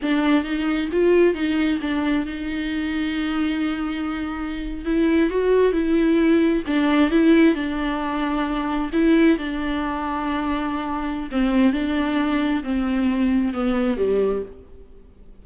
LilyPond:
\new Staff \with { instrumentName = "viola" } { \time 4/4 \tempo 4 = 133 d'4 dis'4 f'4 dis'4 | d'4 dis'2.~ | dis'2~ dis'8. e'4 fis'16~ | fis'8. e'2 d'4 e'16~ |
e'8. d'2. e'16~ | e'8. d'2.~ d'16~ | d'4 c'4 d'2 | c'2 b4 g4 | }